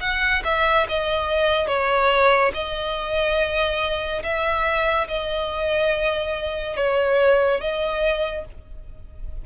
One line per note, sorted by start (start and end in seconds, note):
0.00 0.42 F#5
0.44 0.86 E5
0.88 1.67 D#5
1.67 2.52 C#5
2.54 4.23 D#5
4.23 5.07 E5
5.08 6.76 D#5
6.76 7.60 C#5
7.60 8.45 D#5